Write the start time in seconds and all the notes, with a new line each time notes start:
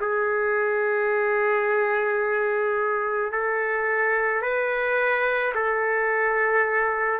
0.00 G#4
3.32 A4
4.42 B4
5.55 A4